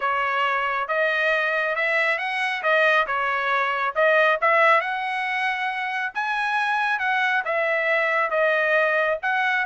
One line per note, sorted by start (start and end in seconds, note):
0.00 0.88 C#5
0.88 1.75 D#5
1.75 2.18 E5
2.18 2.62 F#5
2.62 3.06 D#5
3.07 3.94 C#5
3.95 4.38 D#5
4.41 4.81 E5
4.81 6.12 F#5
6.14 6.99 G#5
6.99 7.43 F#5
7.44 8.30 E5
8.30 9.18 D#5
9.22 9.65 F#5